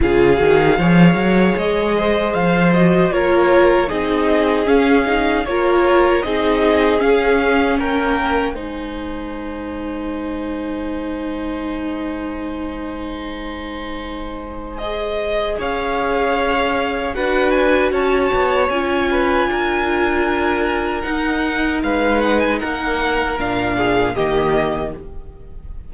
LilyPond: <<
  \new Staff \with { instrumentName = "violin" } { \time 4/4 \tempo 4 = 77 f''2 dis''4 f''8 dis''8 | cis''4 dis''4 f''4 cis''4 | dis''4 f''4 g''4 gis''4~ | gis''1~ |
gis''2. dis''4 | f''2 fis''8 gis''8 a''4 | gis''2. fis''4 | f''8 fis''16 gis''16 fis''4 f''4 dis''4 | }
  \new Staff \with { instrumentName = "violin" } { \time 4/4 gis'4 cis''4. c''4. | ais'4 gis'2 ais'4 | gis'2 ais'4 c''4~ | c''1~ |
c''1 | cis''2 b'4 cis''4~ | cis''8 b'8 ais'2. | b'4 ais'4. gis'8 g'4 | }
  \new Staff \with { instrumentName = "viola" } { \time 4/4 f'8 fis'8 gis'2~ gis'8 fis'8 | f'4 dis'4 cis'8 dis'8 f'4 | dis'4 cis'2 dis'4~ | dis'1~ |
dis'2. gis'4~ | gis'2 fis'2 | f'2. dis'4~ | dis'2 d'4 ais4 | }
  \new Staff \with { instrumentName = "cello" } { \time 4/4 cis8 dis8 f8 fis8 gis4 f4 | ais4 c'4 cis'4 ais4 | c'4 cis'4 ais4 gis4~ | gis1~ |
gis1 | cis'2 d'4 cis'8 b8 | cis'4 d'2 dis'4 | gis4 ais4 ais,4 dis4 | }
>>